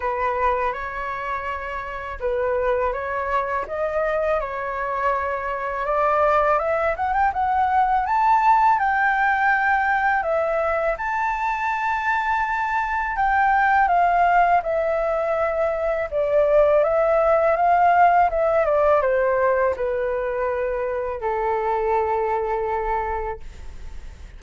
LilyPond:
\new Staff \with { instrumentName = "flute" } { \time 4/4 \tempo 4 = 82 b'4 cis''2 b'4 | cis''4 dis''4 cis''2 | d''4 e''8 fis''16 g''16 fis''4 a''4 | g''2 e''4 a''4~ |
a''2 g''4 f''4 | e''2 d''4 e''4 | f''4 e''8 d''8 c''4 b'4~ | b'4 a'2. | }